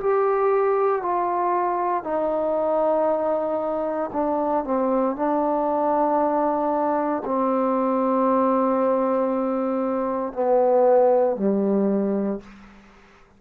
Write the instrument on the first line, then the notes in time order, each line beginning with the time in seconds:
trombone
0.00 G4
1.02 F4
2.04 D#4
4.13 D4
4.65 C4
5.16 D4
7.25 C4
10.33 B3
11.37 G3